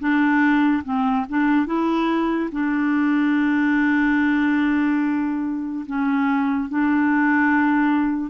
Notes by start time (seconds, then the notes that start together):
0.00 D4
0.84 C4
1.29 D4
1.66 E4
2.52 D4
5.86 C#4
6.69 D4